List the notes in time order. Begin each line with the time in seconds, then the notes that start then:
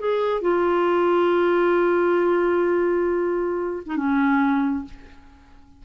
0.00 G#4
0.42 F4
3.87 D#4
3.97 C#4